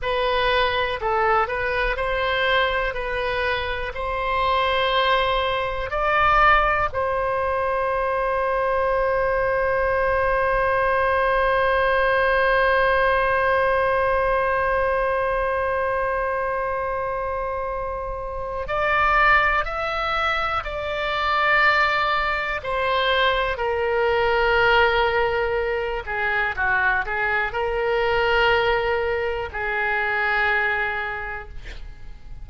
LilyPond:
\new Staff \with { instrumentName = "oboe" } { \time 4/4 \tempo 4 = 61 b'4 a'8 b'8 c''4 b'4 | c''2 d''4 c''4~ | c''1~ | c''1~ |
c''2. d''4 | e''4 d''2 c''4 | ais'2~ ais'8 gis'8 fis'8 gis'8 | ais'2 gis'2 | }